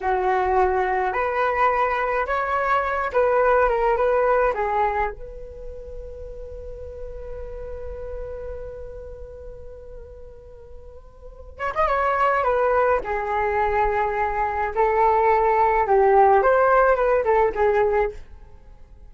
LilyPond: \new Staff \with { instrumentName = "flute" } { \time 4/4 \tempo 4 = 106 fis'2 b'2 | cis''4. b'4 ais'8 b'4 | gis'4 b'2.~ | b'1~ |
b'1~ | b'8 cis''16 dis''16 cis''4 b'4 gis'4~ | gis'2 a'2 | g'4 c''4 b'8 a'8 gis'4 | }